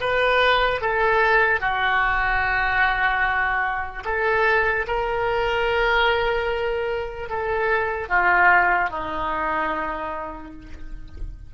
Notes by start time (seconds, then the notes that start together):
0.00 B4
0.81 A4
1.60 F#4
4.04 A4
4.87 A#4
7.29 A4
8.09 F4
8.90 D#4